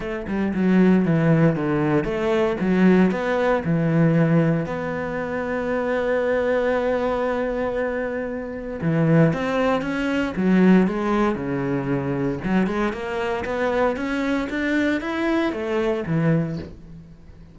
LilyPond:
\new Staff \with { instrumentName = "cello" } { \time 4/4 \tempo 4 = 116 a8 g8 fis4 e4 d4 | a4 fis4 b4 e4~ | e4 b2.~ | b1~ |
b4 e4 c'4 cis'4 | fis4 gis4 cis2 | fis8 gis8 ais4 b4 cis'4 | d'4 e'4 a4 e4 | }